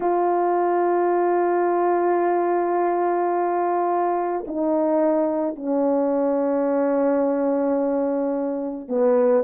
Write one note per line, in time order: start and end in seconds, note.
0.00 4.44 F4
4.47 5.55 D#4
5.55 8.88 C#4
8.88 9.43 B3